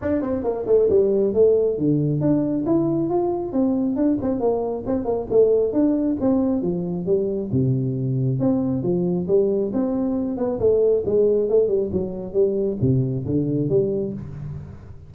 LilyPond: \new Staff \with { instrumentName = "tuba" } { \time 4/4 \tempo 4 = 136 d'8 c'8 ais8 a8 g4 a4 | d4 d'4 e'4 f'4 | c'4 d'8 c'8 ais4 c'8 ais8 | a4 d'4 c'4 f4 |
g4 c2 c'4 | f4 g4 c'4. b8 | a4 gis4 a8 g8 fis4 | g4 c4 d4 g4 | }